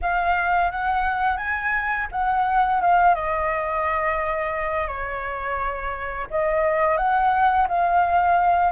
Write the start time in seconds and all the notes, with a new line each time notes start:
0.01 F5
0.71 F#5
1.37 G#5
2.11 F#5
2.81 F5
3.14 D#5
4.87 C#5
6.30 D#5
6.97 F#5
7.67 F5